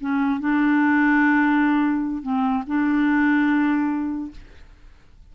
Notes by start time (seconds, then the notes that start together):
0.00 C#4
0.40 D4
2.22 C4
2.67 D4